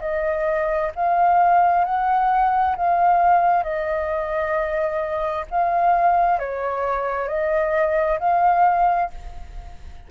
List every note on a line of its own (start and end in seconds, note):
0.00 0.91 D#5
0.95 1.85 F5
1.85 2.76 F#5
2.76 3.63 F5
3.63 5.45 D#5
5.50 6.39 F5
6.39 7.28 C#5
7.28 8.19 D#5
8.19 9.10 F5